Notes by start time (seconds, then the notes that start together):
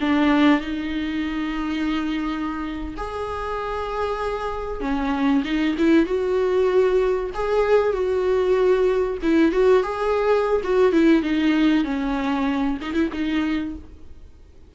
0.00 D4
0.61 D#4
2.96 G#4
4.80 C#4
5.44 D#4
5.78 E4
6.05 F#4
7.34 G#4
7.93 F#4
9.22 E4
9.51 F#4
9.83 G#4
10.64 F#4
10.92 E4
11.22 D#4
11.84 C#4
12.81 D#4
12.93 E4
13.12 D#4